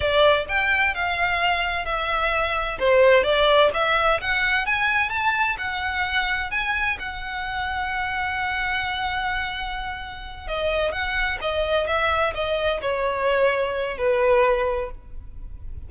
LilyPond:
\new Staff \with { instrumentName = "violin" } { \time 4/4 \tempo 4 = 129 d''4 g''4 f''2 | e''2 c''4 d''4 | e''4 fis''4 gis''4 a''4 | fis''2 gis''4 fis''4~ |
fis''1~ | fis''2~ fis''8 dis''4 fis''8~ | fis''8 dis''4 e''4 dis''4 cis''8~ | cis''2 b'2 | }